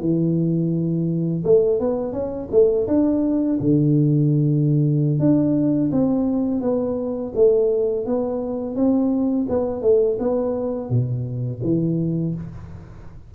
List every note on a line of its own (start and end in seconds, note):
0.00 1.43 E3
1.44 1.80 A3
1.80 2.12 B3
2.12 2.48 C#4
2.51 2.87 A3
2.87 3.58 D4
3.60 5.19 D3
5.19 5.90 D4
5.92 6.61 C4
6.61 7.32 B3
7.35 8.06 A3
8.06 8.75 B3
8.75 9.46 C4
9.49 9.81 B3
9.81 10.17 A3
10.19 10.89 B3
10.89 11.61 B2
11.63 12.34 E3